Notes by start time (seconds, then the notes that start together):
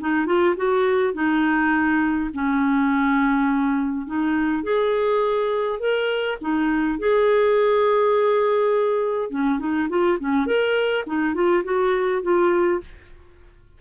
0.00 D#4
0.26 F4
0.56 F#4
1.14 D#4
2.34 C#4
4.06 D#4
4.63 G#4
5.80 A#4
6.41 D#4
6.99 G#4
9.30 C#4
9.59 D#4
9.89 F4
10.20 C#4
10.46 A#4
11.06 D#4
11.34 F4
11.64 F#4
12.22 F4